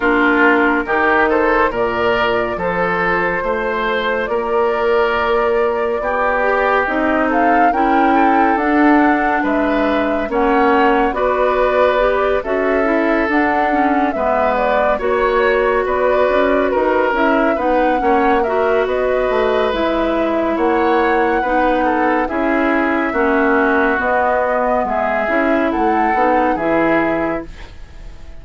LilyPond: <<
  \new Staff \with { instrumentName = "flute" } { \time 4/4 \tempo 4 = 70 ais'4. c''8 d''4 c''4~ | c''4 d''2. | dis''8 f''8 g''4 fis''4 e''4 | fis''4 d''4. e''4 fis''8~ |
fis''8 e''8 d''8 cis''4 d''4 b'8 | e''8 fis''4 e''8 dis''4 e''4 | fis''2 e''2 | dis''4 e''4 fis''4 e''4 | }
  \new Staff \with { instrumentName = "oboe" } { \time 4/4 f'4 g'8 a'8 ais'4 a'4 | c''4 ais'2 g'4~ | g'8 a'8 ais'8 a'4. b'4 | cis''4 b'4. a'4.~ |
a'8 b'4 cis''4 b'4 ais'8~ | ais'8 b'8 cis''8 ais'8 b'2 | cis''4 b'8 a'8 gis'4 fis'4~ | fis'4 gis'4 a'4 gis'4 | }
  \new Staff \with { instrumentName = "clarinet" } { \time 4/4 d'4 dis'4 f'2~ | f'2.~ f'8 g'8 | dis'4 e'4 d'2 | cis'4 fis'4 g'8 fis'8 e'8 d'8 |
cis'8 b4 fis'2~ fis'8 | e'8 dis'8 cis'8 fis'4. e'4~ | e'4 dis'4 e'4 cis'4 | b4. e'4 dis'8 e'4 | }
  \new Staff \with { instrumentName = "bassoon" } { \time 4/4 ais4 dis4 ais,4 f4 | a4 ais2 b4 | c'4 cis'4 d'4 gis4 | ais4 b4. cis'4 d'8~ |
d'8 gis4 ais4 b8 cis'8 dis'8 | cis'8 b8 ais4 b8 a8 gis4 | ais4 b4 cis'4 ais4 | b4 gis8 cis'8 a8 b8 e4 | }
>>